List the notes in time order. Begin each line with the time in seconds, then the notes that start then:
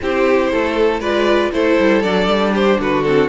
0.01 C4 E4 G4 C5
0.52 A3 A4
1.00 G#3 F4 B4 D5
1.51 A3 E4 A4 C5
1.79 G3
2.02 F#3 D4 D5
2.26 G3
2.51 G4 C5
2.79 D3 F#4 B4
3.02 C4 A4